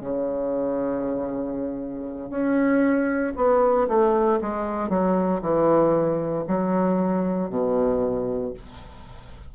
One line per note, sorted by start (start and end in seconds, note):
0.00 2.29 C#3
2.29 3.33 C#4
3.36 3.87 B3
3.87 4.39 A3
4.41 4.89 G#3
4.89 5.41 F#3
5.41 6.45 E3
6.47 7.50 F#3
7.50 8.53 B2